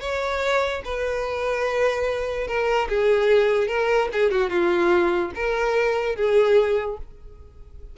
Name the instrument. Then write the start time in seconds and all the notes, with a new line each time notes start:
violin
0.00 C#5
0.84 B4
2.47 A#4
2.88 G#4
3.68 A#4
4.12 G#4
4.31 F#4
4.50 F4
5.35 A#4
6.15 G#4